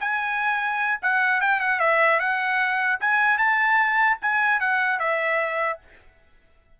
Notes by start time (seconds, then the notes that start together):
0.00 G#5
1.02 F#5
1.41 G5
1.60 F#5
1.79 E5
2.19 F#5
3.00 G#5
3.38 A5
4.21 G#5
4.60 F#5
4.99 E5